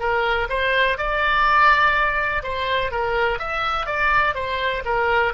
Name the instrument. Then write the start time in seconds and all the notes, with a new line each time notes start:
oboe
0.00 A#4
0.50 C5
0.98 D5
2.43 C5
2.92 A#4
3.40 E5
3.87 D5
4.35 C5
4.85 A#4